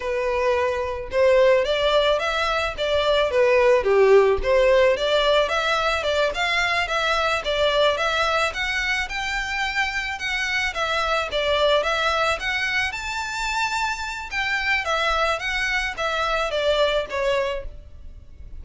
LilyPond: \new Staff \with { instrumentName = "violin" } { \time 4/4 \tempo 4 = 109 b'2 c''4 d''4 | e''4 d''4 b'4 g'4 | c''4 d''4 e''4 d''8 f''8~ | f''8 e''4 d''4 e''4 fis''8~ |
fis''8 g''2 fis''4 e''8~ | e''8 d''4 e''4 fis''4 a''8~ | a''2 g''4 e''4 | fis''4 e''4 d''4 cis''4 | }